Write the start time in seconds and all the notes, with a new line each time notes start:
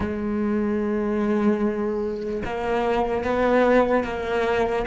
0.00 G#3
2.44 A#3
3.24 B3
4.04 A#3